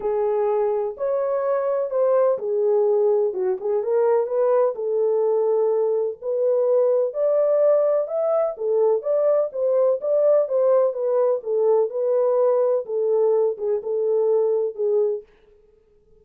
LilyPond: \new Staff \with { instrumentName = "horn" } { \time 4/4 \tempo 4 = 126 gis'2 cis''2 | c''4 gis'2 fis'8 gis'8 | ais'4 b'4 a'2~ | a'4 b'2 d''4~ |
d''4 e''4 a'4 d''4 | c''4 d''4 c''4 b'4 | a'4 b'2 a'4~ | a'8 gis'8 a'2 gis'4 | }